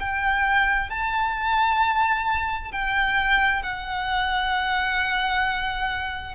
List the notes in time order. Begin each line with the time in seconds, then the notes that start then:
0.00 G5
0.90 A5
2.72 G5
3.63 F#5